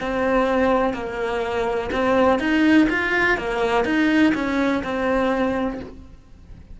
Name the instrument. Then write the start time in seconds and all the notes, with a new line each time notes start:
cello
0.00 C4
0.93 A#3
1.92 C4
2.39 D#4
2.89 F4
3.37 A#3
3.84 D#4
4.34 C#4
4.83 C4